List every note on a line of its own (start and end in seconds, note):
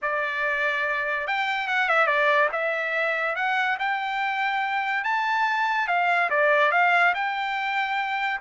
0.02 1.27 D5
1.27 1.67 G5
1.67 1.88 F#5
1.88 2.07 E5
2.07 2.49 D5
2.52 3.35 E5
3.35 3.77 F#5
3.79 5.03 G5
5.03 5.87 A5
5.87 6.29 F5
6.30 6.71 D5
6.71 7.13 F5
7.14 8.40 G5